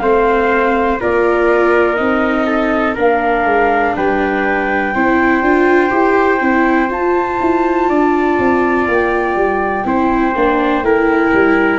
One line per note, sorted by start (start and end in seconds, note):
0.00 0.99 A3
0.00 1.00 C4
0.00 1.01 C5
0.00 0.98 F5
1.00 2.00 A#3
1.00 1.97 F4
1.00 2.47 A#4
1.00 1.96 D5
1.96 2.97 C4
1.96 2.95 D#4
1.96 2.94 D#5
2.47 2.95 A4
2.95 3.45 A#3
2.95 4.94 D4
2.95 3.94 A#4
2.95 3.96 F5
3.45 3.94 G#3
3.96 4.95 G3
3.96 4.95 B4
3.96 6.91 G5
4.95 5.42 C4
4.95 5.43 E4
4.95 7.90 C5
5.42 5.91 D4
5.42 5.90 F4
5.90 6.41 E4
5.90 6.39 G4
6.41 6.90 C4
6.41 6.89 E4
6.89 9.84 F4
6.89 7.39 F4
6.89 8.87 A5
7.41 7.89 E4
7.89 8.39 D4
7.89 9.86 D5
8.39 8.88 C4
8.87 9.36 A#3
8.87 11.79 G5
9.36 9.85 G3
9.85 10.34 C4
9.85 10.34 E4
9.85 10.85 C5
10.36 10.83 A#3
10.36 10.84 D4
10.83 11.32 A3
10.83 11.79 E4
10.83 11.79 A#4
11.34 11.79 G3